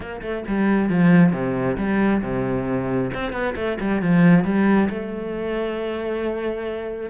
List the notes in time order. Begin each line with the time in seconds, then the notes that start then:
0.00 A#3
0.21 A3
0.47 G3
0.89 F3
1.32 C3
1.77 G3
2.22 C3
3.14 C4
3.32 B3
3.55 A3
3.80 G3
4.01 F3
4.44 G3
4.89 A3